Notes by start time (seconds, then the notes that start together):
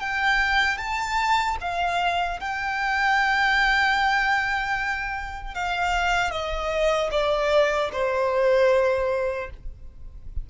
0.00 G5
0.78 A5
1.61 F5
2.40 G5
5.54 F5
6.31 D#5
7.11 D5
7.92 C5